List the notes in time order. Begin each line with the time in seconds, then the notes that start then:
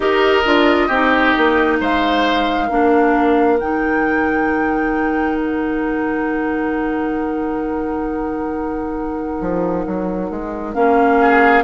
0.00 D#4 G4 A#4 D#5
0.45 D4 F4
0.87 C4 D#4 G4
1.37 A#3
1.80 G#3 C5 F5
2.67 A#3 D4 A#4
3.59 D#3 D#4 G5
5.37 F#5
9.40 F3
9.86 F#3
10.30 G#3
10.74 A#3 C#4 F5
11.21 G#4